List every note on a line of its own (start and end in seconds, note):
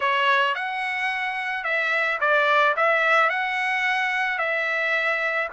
0.00 0.55 C#5
0.55 1.63 F#5
1.63 2.18 E5
2.20 2.75 D5
2.76 3.29 E5
3.29 4.38 F#5
4.38 5.48 E5